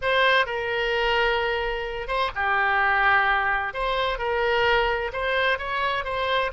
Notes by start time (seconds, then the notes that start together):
0.01 C5
0.45 A#4
2.07 C5
2.35 G4
3.73 C5
4.18 A#4
5.13 C5
5.58 C#5
6.04 C5